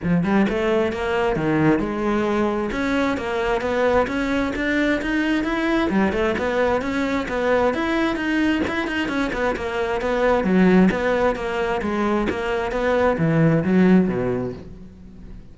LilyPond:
\new Staff \with { instrumentName = "cello" } { \time 4/4 \tempo 4 = 132 f8 g8 a4 ais4 dis4 | gis2 cis'4 ais4 | b4 cis'4 d'4 dis'4 | e'4 g8 a8 b4 cis'4 |
b4 e'4 dis'4 e'8 dis'8 | cis'8 b8 ais4 b4 fis4 | b4 ais4 gis4 ais4 | b4 e4 fis4 b,4 | }